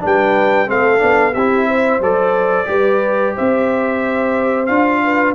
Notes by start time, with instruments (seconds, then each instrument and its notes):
0.00 tuba G3, trombone D4, horn B4, trumpet G5
0.67 tuba A3, trombone C4, horn A4, trumpet F5
0.98 tuba B3, trombone D4
1.34 tuba C4, trombone E4, horn G4, trumpet E5
1.67 horn C5
1.99 tuba F#3, trombone A4, trumpet D5
2.65 tuba G3, trombone G4, horn B4
3.35 tuba C4, horn C5, trumpet E5
4.66 tuba D4, trombone F4, trumpet F5
5.04 horn B4